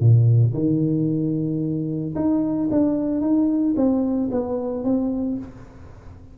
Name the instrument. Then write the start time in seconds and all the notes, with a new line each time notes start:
tuba
0.00 A#2
0.54 D#3
2.15 D#4
2.71 D4
3.21 D#4
3.76 C4
4.31 B3
4.84 C4